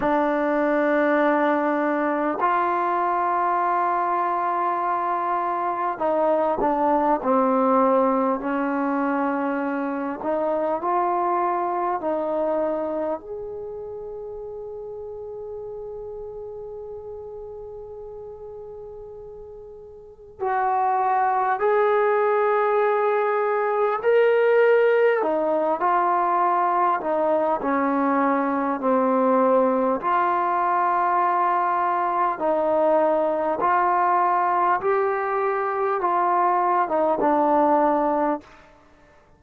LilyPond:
\new Staff \with { instrumentName = "trombone" } { \time 4/4 \tempo 4 = 50 d'2 f'2~ | f'4 dis'8 d'8 c'4 cis'4~ | cis'8 dis'8 f'4 dis'4 gis'4~ | gis'1~ |
gis'4 fis'4 gis'2 | ais'4 dis'8 f'4 dis'8 cis'4 | c'4 f'2 dis'4 | f'4 g'4 f'8. dis'16 d'4 | }